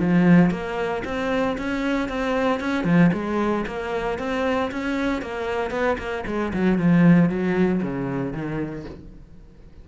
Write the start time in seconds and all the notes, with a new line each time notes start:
0.00 F3
0.51 A#3
1.05 C4
1.58 C#4
2.09 C4
2.61 C#4
2.85 F3
3.14 G#3
3.67 A#3
4.19 C4
4.72 C#4
5.22 A#3
5.71 B3
5.99 A#3
6.27 G#3
6.54 F#3
6.79 F3
7.30 F#3
7.83 C#3
8.33 D#3